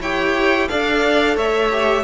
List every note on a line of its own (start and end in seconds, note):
0.00 0.68 E4
0.00 0.68 G4
0.00 0.68 C#5
0.00 0.68 G5
0.68 1.36 D4
0.68 1.71 A4
0.68 1.36 D5
0.68 1.36 F5
1.36 2.03 A3
1.36 2.03 C#5
1.36 2.03 E5
1.71 2.03 G4